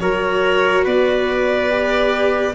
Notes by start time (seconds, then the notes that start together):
0.00 F#3 F#4 A#4 C#5
0.85 B3 B4 D5
1.70 G4